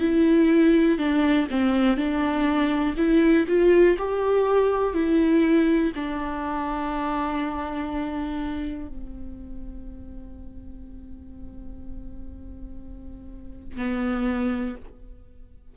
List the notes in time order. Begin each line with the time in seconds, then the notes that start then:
0.00 E4
0.98 D4
1.51 C4
1.97 D4
2.97 E4
3.48 F4
3.98 G4
4.94 E4
5.96 D4
8.88 C4
13.77 B3